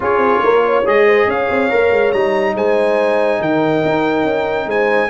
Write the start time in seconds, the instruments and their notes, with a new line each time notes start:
0.00 tuba C#4, trombone F4, horn G#4, trumpet C#5
0.17 tuba C4
0.42 tuba A#3, horn A#4
0.65 horn C#5
0.85 tuba G#3, trombone G#4, trumpet D#5
1.06 horn C5
1.27 tuba C#4, horn C#5, trumpet F5
1.49 tuba C4
1.70 tuba A#3, trombone A#4
1.91 tuba G#3
2.11 tuba G3, trombone D#4, trumpet A#5
2.54 tuba G#3, horn C5, trumpet G#5
3.40 tuba D#3, horn A#4, trumpet G5
3.84 tuba D#4
4.24 tuba C#4
4.66 tuba G#3, horn C5, trumpet G#5